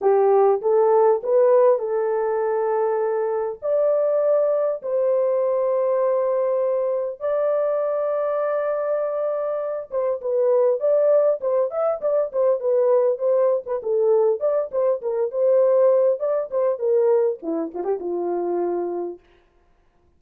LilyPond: \new Staff \with { instrumentName = "horn" } { \time 4/4 \tempo 4 = 100 g'4 a'4 b'4 a'4~ | a'2 d''2 | c''1 | d''1~ |
d''8 c''8 b'4 d''4 c''8 e''8 | d''8 c''8 b'4 c''8. b'16 a'4 | d''8 c''8 ais'8 c''4. d''8 c''8 | ais'4 e'8 f'16 g'16 f'2 | }